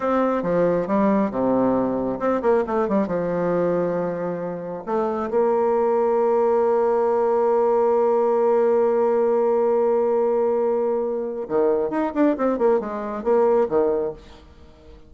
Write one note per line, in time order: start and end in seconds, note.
0.00 0.43 C4
0.43 0.87 F3
0.87 1.31 G3
1.31 2.19 C3
2.19 2.41 C4
2.42 2.64 A#3
2.67 2.88 A3
2.88 3.07 G3
3.07 4.83 F3
4.85 5.30 A3
5.30 11.48 A#3
11.48 11.90 D#3
11.90 12.12 D#4
12.14 12.36 D4
12.37 12.58 C4
12.58 12.80 A#3
12.80 13.23 G#3
13.23 13.67 A#3
13.68 14.12 D#3